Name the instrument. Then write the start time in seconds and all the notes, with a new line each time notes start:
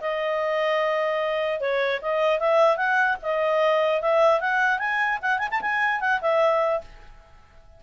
clarinet
0.00 D#5
1.60 C#5
2.01 D#5
2.39 E5
2.76 F#5
3.22 D#5
4.01 E5
4.40 F#5
4.79 G#5
5.21 F#5
5.38 G#5
5.50 A5
5.61 G#5
6.00 F#5
6.21 E5